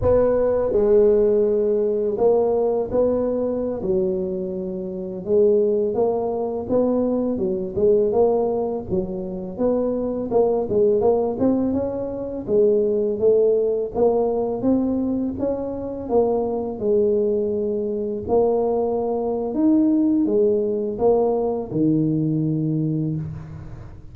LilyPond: \new Staff \with { instrumentName = "tuba" } { \time 4/4 \tempo 4 = 83 b4 gis2 ais4 | b4~ b16 fis2 gis8.~ | gis16 ais4 b4 fis8 gis8 ais8.~ | ais16 fis4 b4 ais8 gis8 ais8 c'16~ |
c'16 cis'4 gis4 a4 ais8.~ | ais16 c'4 cis'4 ais4 gis8.~ | gis4~ gis16 ais4.~ ais16 dis'4 | gis4 ais4 dis2 | }